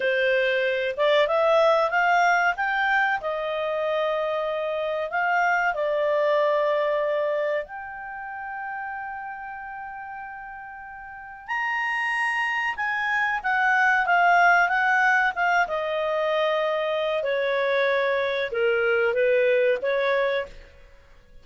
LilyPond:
\new Staff \with { instrumentName = "clarinet" } { \time 4/4 \tempo 4 = 94 c''4. d''8 e''4 f''4 | g''4 dis''2. | f''4 d''2. | g''1~ |
g''2 ais''2 | gis''4 fis''4 f''4 fis''4 | f''8 dis''2~ dis''8 cis''4~ | cis''4 ais'4 b'4 cis''4 | }